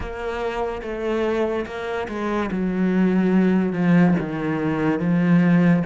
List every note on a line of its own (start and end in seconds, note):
0.00 0.81 A#3
0.82 1.65 A3
1.66 2.07 A#3
2.08 2.50 G#3
2.51 3.72 F#3
3.72 4.14 F3
4.19 4.99 D#3
4.99 5.83 F3